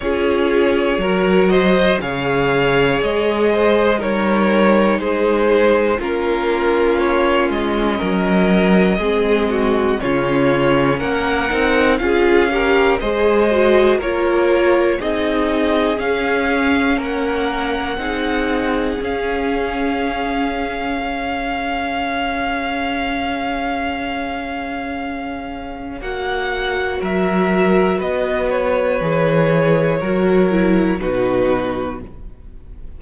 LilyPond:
<<
  \new Staff \with { instrumentName = "violin" } { \time 4/4 \tempo 4 = 60 cis''4. dis''8 f''4 dis''4 | cis''4 c''4 ais'4 cis''8 dis''8~ | dis''2 cis''4 fis''4 | f''4 dis''4 cis''4 dis''4 |
f''4 fis''2 f''4~ | f''1~ | f''2 fis''4 e''4 | dis''8 cis''2~ cis''8 b'4 | }
  \new Staff \with { instrumentName = "violin" } { \time 4/4 gis'4 ais'8 c''8 cis''4. c''8 | ais'4 gis'4 f'2 | ais'4 gis'8 fis'8 f'4 ais'4 | gis'8 ais'8 c''4 ais'4 gis'4~ |
gis'4 ais'4 gis'2~ | gis'4 cis''2.~ | cis''2. ais'4 | b'2 ais'4 fis'4 | }
  \new Staff \with { instrumentName = "viola" } { \time 4/4 f'4 fis'4 gis'2 | dis'2 cis'2~ | cis'4 c'4 cis'4. dis'8 | f'8 g'8 gis'8 fis'8 f'4 dis'4 |
cis'2 dis'4 cis'4~ | cis'4 gis'2.~ | gis'2 fis'2~ | fis'4 gis'4 fis'8 e'8 dis'4 | }
  \new Staff \with { instrumentName = "cello" } { \time 4/4 cis'4 fis4 cis4 gis4 | g4 gis4 ais4. gis8 | fis4 gis4 cis4 ais8 c'8 | cis'4 gis4 ais4 c'4 |
cis'4 ais4 c'4 cis'4~ | cis'1~ | cis'2 ais4 fis4 | b4 e4 fis4 b,4 | }
>>